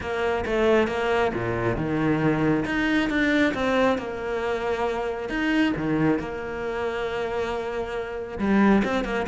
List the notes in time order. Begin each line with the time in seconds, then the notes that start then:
0.00 A#3
0.45 A3
0.87 A#3
1.34 A#2
1.76 D#3
2.65 D#4
3.09 D4
3.54 C4
3.98 A#3
5.29 D#4
5.76 D#3
6.19 A#3
8.38 G3
8.84 C4
9.04 A#3